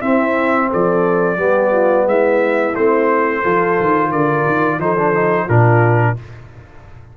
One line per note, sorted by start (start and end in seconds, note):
0.00 1.37 C4
0.00 0.71 C4
0.00 0.68 E4
0.00 0.69 E5
0.70 1.37 F3
0.70 1.38 A4
0.70 2.08 D5
1.37 2.05 G3
1.37 2.73 B3
1.37 1.72 G4
1.72 2.06 F4
2.06 2.74 G#3
2.06 3.42 E4
2.06 2.75 E5
2.75 3.44 A3
2.75 3.43 C4
2.75 4.11 C5
3.42 3.79 F3
3.42 4.80 F4
3.42 4.10 A4
3.80 4.12 D#3
4.10 4.46 D3
4.10 4.78 A#4
4.10 4.80 D5
4.47 4.78 D#3
4.78 5.46 F3
4.78 4.97 D#4
4.78 5.46 A4
4.78 5.49 C5
4.98 5.14 D4
5.14 5.48 D#4
5.46 6.17 A#2
5.46 6.16 D4
5.46 6.14 F4
5.46 6.17 A#4